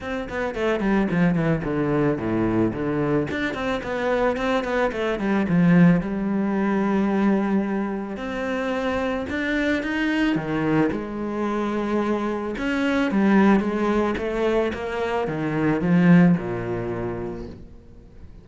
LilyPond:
\new Staff \with { instrumentName = "cello" } { \time 4/4 \tempo 4 = 110 c'8 b8 a8 g8 f8 e8 d4 | a,4 d4 d'8 c'8 b4 | c'8 b8 a8 g8 f4 g4~ | g2. c'4~ |
c'4 d'4 dis'4 dis4 | gis2. cis'4 | g4 gis4 a4 ais4 | dis4 f4 ais,2 | }